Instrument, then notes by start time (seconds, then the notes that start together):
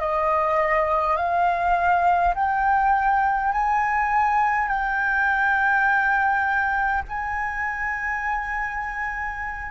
flute
0.00 D#5
1.17 F5
2.35 G5
3.52 G#5
4.68 G5
7.09 G#5